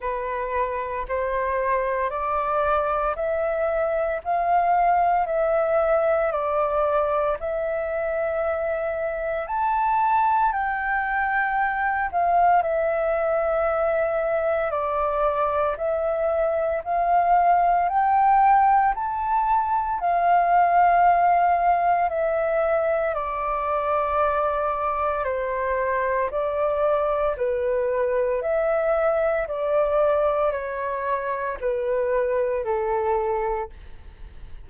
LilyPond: \new Staff \with { instrumentName = "flute" } { \time 4/4 \tempo 4 = 57 b'4 c''4 d''4 e''4 | f''4 e''4 d''4 e''4~ | e''4 a''4 g''4. f''8 | e''2 d''4 e''4 |
f''4 g''4 a''4 f''4~ | f''4 e''4 d''2 | c''4 d''4 b'4 e''4 | d''4 cis''4 b'4 a'4 | }